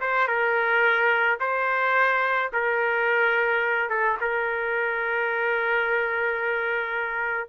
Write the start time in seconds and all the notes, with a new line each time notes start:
0.00 C5
0.27 A#4
1.40 C5
2.53 A#4
3.89 A4
4.20 A#4